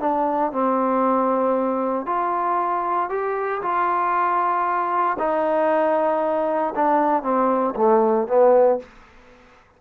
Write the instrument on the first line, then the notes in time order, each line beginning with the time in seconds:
trombone
0.00 D4
0.52 C4
2.06 F4
3.09 G4
3.62 F4
5.18 D#4
6.75 D4
7.22 C4
7.75 A3
8.27 B3